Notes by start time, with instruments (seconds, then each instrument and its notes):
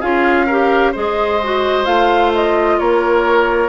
0.00 bassoon C#4, clarinet F4, oboe G#4, flute F5
0.46 clarinet G4, oboe A#4
0.91 bassoon G#3, clarinet G#4, oboe C5, flute D#5
1.43 clarinet F#4
1.84 bassoon A3, clarinet F4, flute F5
2.34 flute D#5
2.79 bassoon A#3, oboe A#4, flute C#5